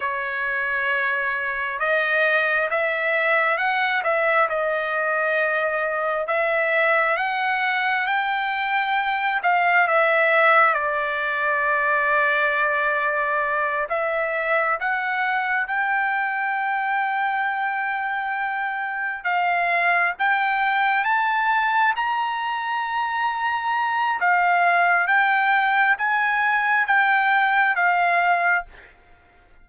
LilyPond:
\new Staff \with { instrumentName = "trumpet" } { \time 4/4 \tempo 4 = 67 cis''2 dis''4 e''4 | fis''8 e''8 dis''2 e''4 | fis''4 g''4. f''8 e''4 | d''2.~ d''8 e''8~ |
e''8 fis''4 g''2~ g''8~ | g''4. f''4 g''4 a''8~ | a''8 ais''2~ ais''8 f''4 | g''4 gis''4 g''4 f''4 | }